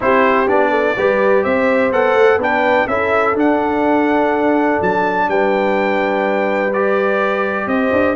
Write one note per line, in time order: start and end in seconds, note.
0.00 0.47 C4
0.00 0.46 E4
0.00 0.70 G4
0.00 0.48 C5
0.47 0.95 B3
0.47 0.95 D4
0.47 1.43 D5
0.70 0.94 A4
0.97 1.45 G3
0.97 1.92 G4
0.97 1.43 B4
1.43 1.92 C4
1.43 2.37 C5
1.43 1.91 E5
1.92 2.14 B3
1.92 2.40 A4
1.92 2.40 F#5
2.14 2.37 A3
2.37 2.85 B3
2.37 2.88 D4
2.37 2.85 B4
2.37 2.87 G5
2.87 3.35 C#4
2.87 3.34 E4
2.87 5.28 A4
2.87 3.35 E5
3.34 6.70 D4
3.34 4.79 D4
3.34 4.82 F#5
4.81 5.28 F#3
4.81 5.29 A5
5.28 7.66 G3
5.28 7.69 B4
5.28 6.73 G5
6.73 8.16 G4
6.73 7.68 D5
7.66 7.90 C4
7.66 8.16 C5
7.66 8.16 D#5
7.92 8.16 D4